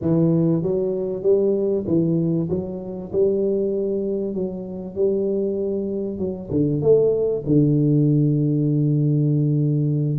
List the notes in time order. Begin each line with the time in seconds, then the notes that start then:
0.01 E3
0.62 F#3
1.22 G3
1.87 E3
2.49 F#3
3.12 G3
4.34 F#3
4.95 G3
6.18 F#3
6.50 D3
6.81 A3
7.46 D3